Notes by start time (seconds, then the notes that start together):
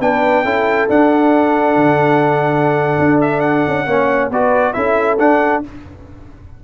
0.00 B3 D4 B4 G5
0.44 C#4 E4 A4
0.89 D4 F#5
1.76 D3
2.99 D4
3.21 E5
3.41 F#5
3.68 C#4
3.87 A#3 C#4 C#5
4.30 B3 F#4 B4 D5
4.73 C#4 E4 A4 E5
5.19 D4 F#5